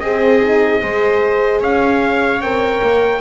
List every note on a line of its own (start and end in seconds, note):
0.00 0.42 C4
0.00 0.82 C4
0.00 0.82 G#4
0.00 1.60 D#5
0.42 0.80 D#4
0.80 1.61 G#3
0.80 2.40 G#4
0.80 1.60 C5
1.60 2.41 C#4
1.60 3.20 C#5
1.60 2.42 F5
2.41 2.81 C4
2.41 3.21 A#4
2.41 3.21 G5
2.82 3.21 A#3